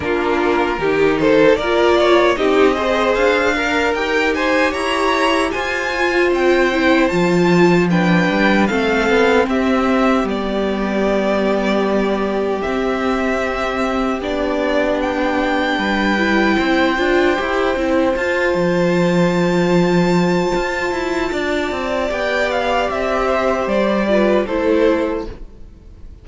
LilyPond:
<<
  \new Staff \with { instrumentName = "violin" } { \time 4/4 \tempo 4 = 76 ais'4. c''8 d''4 dis''4 | f''4 g''8 gis''8 ais''4 gis''4 | g''4 a''4 g''4 f''4 | e''4 d''2. |
e''2 d''4 g''4~ | g''2. a''4~ | a''1 | g''8 f''8 e''4 d''4 c''4 | }
  \new Staff \with { instrumentName = "violin" } { \time 4/4 f'4 g'8 a'8 ais'8 cis''8 g'8 c''8~ | c''8 ais'4 c''8 cis''4 c''4~ | c''2 b'4 a'4 | g'1~ |
g'1 | b'4 c''2.~ | c''2. d''4~ | d''4. c''4 b'8 a'4 | }
  \new Staff \with { instrumentName = "viola" } { \time 4/4 d'4 dis'4 f'4 dis'8 gis'8~ | gis'8 ais'8 g'2~ g'8 f'8~ | f'8 e'8 f'4 d'4 c'4~ | c'4 b2. |
c'2 d'2~ | d'8 e'4 f'8 g'8 e'8 f'4~ | f'1 | g'2~ g'8 f'8 e'4 | }
  \new Staff \with { instrumentName = "cello" } { \time 4/4 ais4 dis4 ais4 c'4 | d'4 dis'4 e'4 f'4 | c'4 f4. g8 a8 b8 | c'4 g2. |
c'2 b2 | g4 c'8 d'8 e'8 c'8 f'8 f8~ | f2 f'8 e'8 d'8 c'8 | b4 c'4 g4 a4 | }
>>